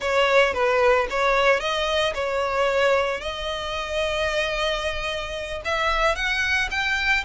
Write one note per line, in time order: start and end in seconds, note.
0.00 0.53 C#5
0.53 1.07 B4
1.10 1.59 C#5
1.59 2.13 D#5
2.14 3.20 C#5
3.20 5.61 D#5
5.64 6.15 E5
6.15 6.69 F#5
6.71 7.24 G5